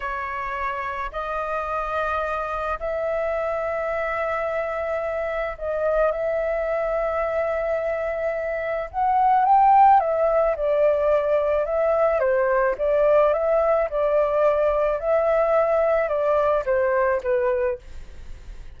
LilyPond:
\new Staff \with { instrumentName = "flute" } { \time 4/4 \tempo 4 = 108 cis''2 dis''2~ | dis''4 e''2.~ | e''2 dis''4 e''4~ | e''1 |
fis''4 g''4 e''4 d''4~ | d''4 e''4 c''4 d''4 | e''4 d''2 e''4~ | e''4 d''4 c''4 b'4 | }